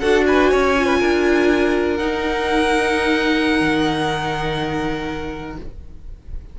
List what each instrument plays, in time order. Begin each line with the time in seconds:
0.00 cello D4, viola F#4, violin A4 F#5
0.27 violin B4 G#5
0.51 cello C#4, violin C#5
0.78 viola F4
0.86 violin B4
1.00 cello D4, violin A#4
1.97 viola D#4, cello D#4, violin F#5
3.61 cello D#3